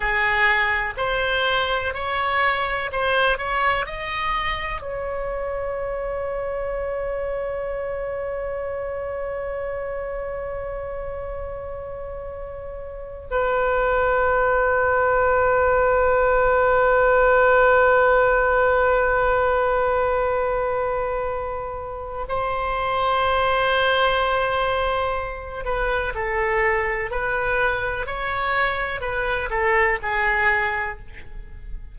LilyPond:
\new Staff \with { instrumentName = "oboe" } { \time 4/4 \tempo 4 = 62 gis'4 c''4 cis''4 c''8 cis''8 | dis''4 cis''2.~ | cis''1~ | cis''4.~ cis''16 b'2~ b'16~ |
b'1~ | b'2. c''4~ | c''2~ c''8 b'8 a'4 | b'4 cis''4 b'8 a'8 gis'4 | }